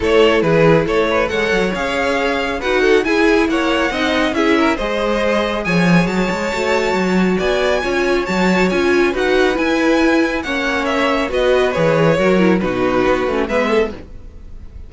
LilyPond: <<
  \new Staff \with { instrumentName = "violin" } { \time 4/4 \tempo 4 = 138 cis''4 b'4 cis''4 fis''4 | f''2 fis''4 gis''4 | fis''2 e''4 dis''4~ | dis''4 gis''4 a''2~ |
a''4 gis''2 a''4 | gis''4 fis''4 gis''2 | fis''4 e''4 dis''4 cis''4~ | cis''4 b'2 e''4 | }
  \new Staff \with { instrumentName = "violin" } { \time 4/4 a'4 gis'4 a'8 b'8 cis''4~ | cis''2 b'8 a'8 gis'4 | cis''4 dis''4 gis'8 ais'8 c''4~ | c''4 cis''2.~ |
cis''4 d''4 cis''2~ | cis''4 b'2. | cis''2 b'2 | ais'4 fis'2 b'8 a'8 | }
  \new Staff \with { instrumentName = "viola" } { \time 4/4 e'2. a'4 | gis'2 fis'4 e'4~ | e'4 dis'4 e'4 gis'4~ | gis'2. fis'4~ |
fis'2 f'4 fis'4 | f'4 fis'4 e'2 | cis'2 fis'4 gis'4 | fis'8 e'8 dis'4. cis'8 b4 | }
  \new Staff \with { instrumentName = "cello" } { \time 4/4 a4 e4 a4 gis8 fis8 | cis'2 dis'4 e'4 | ais4 c'4 cis'4 gis4~ | gis4 f4 fis8 gis8 a4 |
fis4 b4 cis'4 fis4 | cis'4 dis'4 e'2 | ais2 b4 e4 | fis4 b,4 b8 a8 gis4 | }
>>